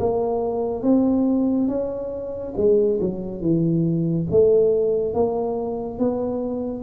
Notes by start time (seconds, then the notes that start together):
0.00 A#3
0.83 C4
1.68 C#4
2.57 G#3
3.01 F#3
3.42 E3
4.31 A3
5.14 A#3
5.99 B3